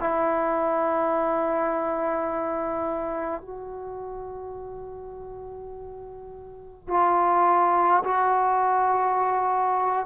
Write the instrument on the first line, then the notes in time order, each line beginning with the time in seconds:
trombone
0.00 E4
3.42 F#4
6.88 F4
8.04 F#4